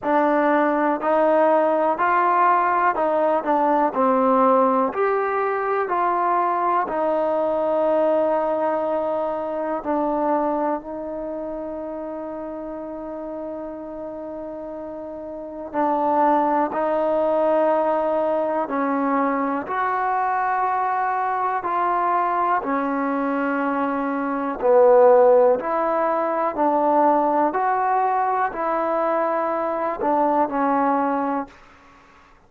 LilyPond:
\new Staff \with { instrumentName = "trombone" } { \time 4/4 \tempo 4 = 61 d'4 dis'4 f'4 dis'8 d'8 | c'4 g'4 f'4 dis'4~ | dis'2 d'4 dis'4~ | dis'1 |
d'4 dis'2 cis'4 | fis'2 f'4 cis'4~ | cis'4 b4 e'4 d'4 | fis'4 e'4. d'8 cis'4 | }